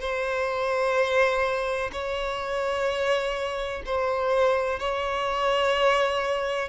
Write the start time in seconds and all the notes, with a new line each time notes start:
0.00 C5
1.92 C#5
3.86 C5
4.79 C#5